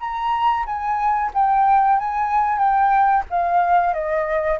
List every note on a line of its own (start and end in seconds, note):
0.00 0.65 A#5
0.66 1.31 G#5
1.34 1.98 G5
1.98 2.58 G#5
2.58 3.24 G5
3.30 3.93 F5
3.93 4.59 D#5